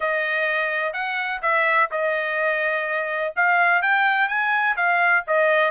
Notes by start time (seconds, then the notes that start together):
0.00 D#5
0.93 F#5
1.42 E5
1.91 D#5
3.36 F5
3.82 G5
4.28 G#5
4.76 F5
5.27 D#5